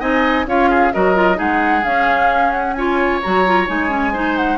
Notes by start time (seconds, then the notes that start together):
0.00 C4 D#4 D#5 G#5
0.46 C#4 F4 C#5 F5
0.70 G#4
0.93 F#3 F#4 A#4 D#5
1.15 F4
1.35 G#3 D#4 G#4 F#5
1.84 C#4 F5
2.52 F#5
2.74 F4 C#5 G#5
3.22 F#3 F#4 A#5
3.46 F4
3.67 G#3 D#4 G#5
3.89 C#4
4.13 D#4 C5
4.37 F#5